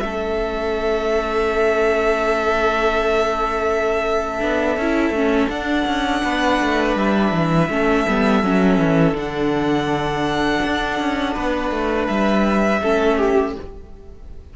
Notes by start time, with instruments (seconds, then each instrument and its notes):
0.00 cello A3, viola C#4, violin A4 E5
4.40 cello B3, viola D4
4.77 cello C#4, viola E4
5.11 cello A3, viola C#4
5.50 cello D4, viola D4, violin F#5
5.86 cello C#4
6.24 cello B3, violin B4
6.61 cello A3
6.96 cello G3, violin E5
7.33 cello E3
7.69 cello A3, viola C#4, violin A4
8.08 cello G3, viola B3
8.43 cello F#3, viola C#4
8.79 cello E3
9.13 cello D3, viola D4, violin F#5
10.66 cello D4
11.00 cello C#4
11.34 cello B3, violin B4
11.71 cello A3
12.07 cello G3, violin E5
12.83 cello A3, viola C#4, violin A4
13.17 violin G4